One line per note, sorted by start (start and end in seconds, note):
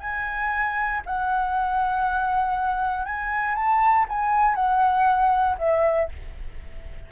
0.00 1.02 G#5
1.06 3.06 F#5
3.06 3.55 G#5
3.55 4.06 A5
4.09 4.56 G#5
4.56 5.57 F#5
5.59 6.09 E5